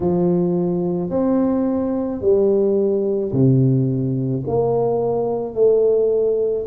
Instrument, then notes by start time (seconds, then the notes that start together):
tuba
0.00 F3
1.10 C4
2.21 G3
3.32 C3
4.47 A#3
5.54 A3